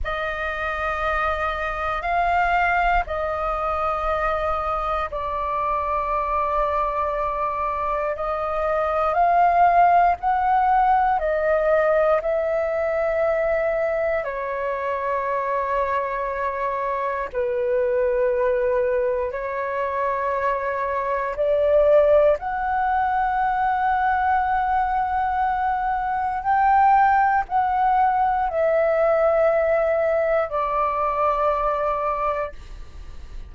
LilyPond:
\new Staff \with { instrumentName = "flute" } { \time 4/4 \tempo 4 = 59 dis''2 f''4 dis''4~ | dis''4 d''2. | dis''4 f''4 fis''4 dis''4 | e''2 cis''2~ |
cis''4 b'2 cis''4~ | cis''4 d''4 fis''2~ | fis''2 g''4 fis''4 | e''2 d''2 | }